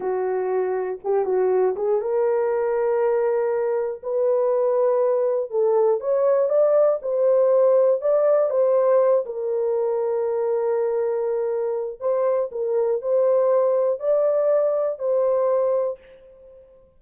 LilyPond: \new Staff \with { instrumentName = "horn" } { \time 4/4 \tempo 4 = 120 fis'2 g'8 fis'4 gis'8 | ais'1 | b'2. a'4 | cis''4 d''4 c''2 |
d''4 c''4. ais'4.~ | ais'1 | c''4 ais'4 c''2 | d''2 c''2 | }